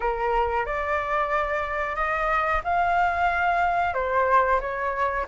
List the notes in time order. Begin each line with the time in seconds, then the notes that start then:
0.00 A#4
0.65 D5
1.95 D#5
2.64 F5
3.94 C5
4.60 C#5